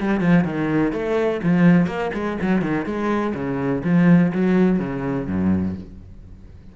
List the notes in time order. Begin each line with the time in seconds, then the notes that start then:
0.00 G3
0.21 F3
0.45 D#3
0.92 A3
1.43 F3
1.87 A#3
2.14 G#3
2.42 F#3
2.62 D#3
2.85 G#3
3.34 C#3
3.84 F3
4.33 F#3
4.80 C#3
5.28 F#2